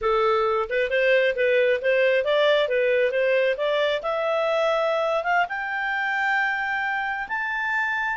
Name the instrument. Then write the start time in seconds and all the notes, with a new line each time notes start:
clarinet
0.01 A4
0.69 B4
0.90 C5
1.35 B4
1.81 C5
2.24 D5
2.68 B4
3.11 C5
3.57 D5
4.02 E5
5.23 F5
5.49 G5
7.28 A5